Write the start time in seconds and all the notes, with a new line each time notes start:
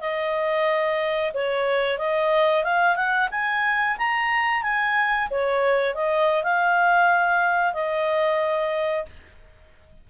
0.00 D#5
1.34 C#5
1.98 D#5
2.64 F5
2.96 F#5
3.31 G#5
3.98 A#5
4.63 G#5
5.30 C#5
5.95 D#5
6.43 F5
7.73 D#5